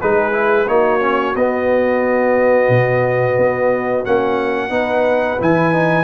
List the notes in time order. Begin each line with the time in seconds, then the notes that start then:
0.00 G#3 D#4 G#4 B4
0.32 E4
0.68 A#3 D#4 F#4 C#5
1.00 C#4
1.35 B3 D#5
2.69 B2
3.37 B3
4.05 A#3 C#4 F#5
4.69 B3 D#4 B4
5.41 E3 E4 G#5
5.73 D#4